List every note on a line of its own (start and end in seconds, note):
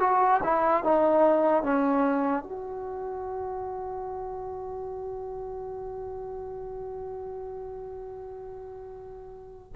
0.00 0.41 F#4
0.43 0.84 E4
0.84 1.63 D#4
1.63 2.44 C#4
2.44 9.73 F#4